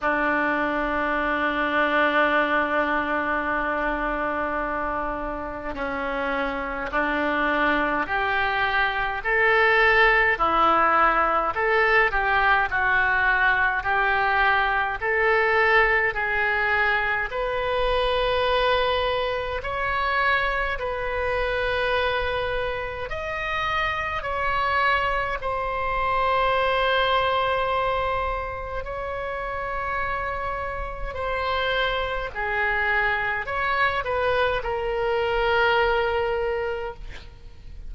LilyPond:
\new Staff \with { instrumentName = "oboe" } { \time 4/4 \tempo 4 = 52 d'1~ | d'4 cis'4 d'4 g'4 | a'4 e'4 a'8 g'8 fis'4 | g'4 a'4 gis'4 b'4~ |
b'4 cis''4 b'2 | dis''4 cis''4 c''2~ | c''4 cis''2 c''4 | gis'4 cis''8 b'8 ais'2 | }